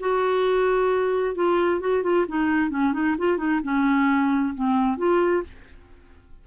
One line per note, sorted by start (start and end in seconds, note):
0.00 1.35 F#4
1.35 1.81 F4
1.81 2.03 F#4
2.03 2.26 F4
2.29 2.70 D#4
2.70 2.93 C#4
2.93 3.16 D#4
3.19 3.38 F4
3.38 3.60 D#4
3.64 4.55 C#4
4.55 4.98 C4
4.98 5.43 F4